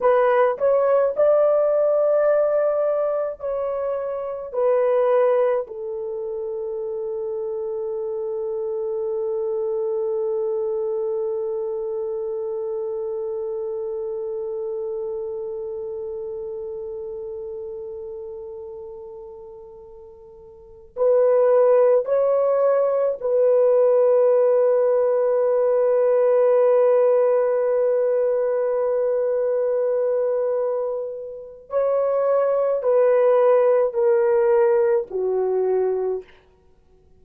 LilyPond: \new Staff \with { instrumentName = "horn" } { \time 4/4 \tempo 4 = 53 b'8 cis''8 d''2 cis''4 | b'4 a'2.~ | a'1~ | a'1~ |
a'2~ a'8 b'4 cis''8~ | cis''8 b'2.~ b'8~ | b'1 | cis''4 b'4 ais'4 fis'4 | }